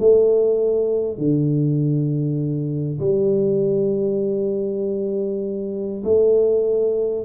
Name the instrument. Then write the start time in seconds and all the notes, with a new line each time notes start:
tuba
0.00 A3
1.18 D3
3.01 G3
6.04 A3